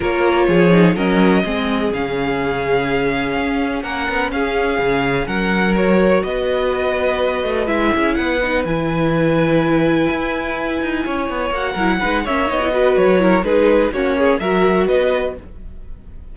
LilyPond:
<<
  \new Staff \with { instrumentName = "violin" } { \time 4/4 \tempo 4 = 125 cis''2 dis''2 | f''1 | fis''4 f''2 fis''4 | cis''4 dis''2. |
e''4 fis''4 gis''2~ | gis''1 | fis''4. e''8 dis''4 cis''4 | b'4 cis''4 e''4 dis''4 | }
  \new Staff \with { instrumentName = "violin" } { \time 4/4 ais'4 gis'4 ais'4 gis'4~ | gis'1 | ais'4 gis'2 ais'4~ | ais'4 b'2.~ |
b'8 gis'8 b'2.~ | b'2. cis''4~ | cis''8 ais'8 b'8 cis''4 b'4 ais'8 | gis'4 fis'8 gis'8 ais'4 b'4 | }
  \new Staff \with { instrumentName = "viola" } { \time 4/4 f'4. dis'8 cis'4 c'4 | cis'1~ | cis'1 | fis'1 |
e'4. dis'8 e'2~ | e'1 | fis'8 e'8 dis'8 cis'8 dis'16 e'16 fis'4 e'8 | dis'4 cis'4 fis'2 | }
  \new Staff \with { instrumentName = "cello" } { \time 4/4 ais4 f4 fis4 gis4 | cis2. cis'4 | ais8 b8 cis'4 cis4 fis4~ | fis4 b2~ b8 a8 |
gis8 cis'8 b4 e2~ | e4 e'4. dis'8 cis'8 b8 | ais8 fis8 gis8 ais8 b4 fis4 | gis4 ais4 fis4 b4 | }
>>